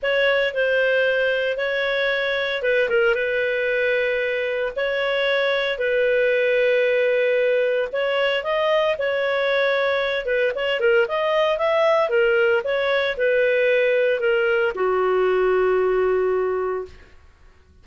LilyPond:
\new Staff \with { instrumentName = "clarinet" } { \time 4/4 \tempo 4 = 114 cis''4 c''2 cis''4~ | cis''4 b'8 ais'8 b'2~ | b'4 cis''2 b'4~ | b'2. cis''4 |
dis''4 cis''2~ cis''8 b'8 | cis''8 ais'8 dis''4 e''4 ais'4 | cis''4 b'2 ais'4 | fis'1 | }